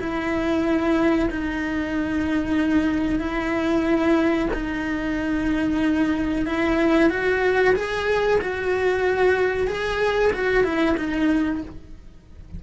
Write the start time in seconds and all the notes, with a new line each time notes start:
0.00 E4
1.30 D#4
3.19 E4
4.53 D#4
6.45 E4
7.10 F#4
7.75 G#4
8.41 F#4
9.67 G#4
10.33 F#4
10.63 E4
10.97 D#4